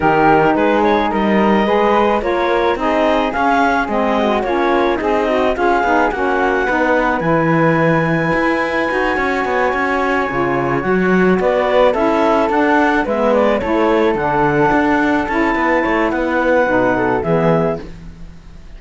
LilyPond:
<<
  \new Staff \with { instrumentName = "clarinet" } { \time 4/4 \tempo 4 = 108 ais'4 b'8 cis''8 dis''2 | cis''4 dis''4 f''4 dis''4 | cis''4 dis''4 f''4 fis''4~ | fis''4 gis''2.~ |
gis''2.~ gis''8 fis''8~ | fis''8 d''4 e''4 fis''4 e''8 | d''8 cis''4 fis''2 a''8~ | a''4 fis''2 e''4 | }
  \new Staff \with { instrumentName = "flute" } { \time 4/4 g'4 gis'4 ais'4 b'4 | ais'4 gis'2~ gis'8 fis'8 | f'4 dis'4 gis'4 fis'4 | b'1~ |
b'8 cis''2.~ cis''8~ | cis''8 b'4 a'2 b'8~ | b'8 a'2.~ a'8 | b'8 cis''8 b'4. a'8 gis'4 | }
  \new Staff \with { instrumentName = "saxophone" } { \time 4/4 dis'2. gis'4 | f'4 dis'4 cis'4 c'4 | cis'4 gis'8 fis'8 f'8 dis'8 cis'4 | dis'4 e'2. |
fis'2~ fis'8 f'4 fis'8~ | fis'4. e'4 d'4 b8~ | b8 e'4 d'2 e'8~ | e'2 dis'4 b4 | }
  \new Staff \with { instrumentName = "cello" } { \time 4/4 dis4 gis4 g4 gis4 | ais4 c'4 cis'4 gis4 | ais4 c'4 cis'8 b8 ais4 | b4 e2 e'4 |
dis'8 cis'8 b8 cis'4 cis4 fis8~ | fis8 b4 cis'4 d'4 gis8~ | gis8 a4 d4 d'4 cis'8 | b8 a8 b4 b,4 e4 | }
>>